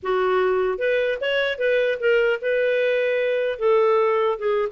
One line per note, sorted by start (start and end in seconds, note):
0.02 0.78 F#4
0.78 1.18 B4
1.21 1.58 C#5
1.58 1.98 B4
2.00 2.40 A#4
2.41 3.59 B4
3.59 4.38 A4
4.38 4.68 G#4